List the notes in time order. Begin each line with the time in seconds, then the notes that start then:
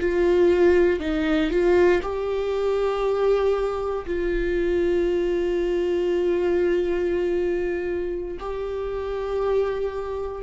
0.00 F4
1.00 D#4
1.51 F4
2.02 G4
4.06 F4
8.40 G4